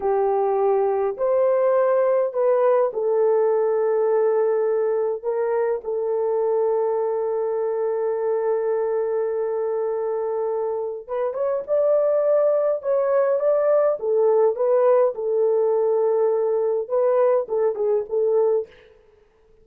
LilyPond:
\new Staff \with { instrumentName = "horn" } { \time 4/4 \tempo 4 = 103 g'2 c''2 | b'4 a'2.~ | a'4 ais'4 a'2~ | a'1~ |
a'2. b'8 cis''8 | d''2 cis''4 d''4 | a'4 b'4 a'2~ | a'4 b'4 a'8 gis'8 a'4 | }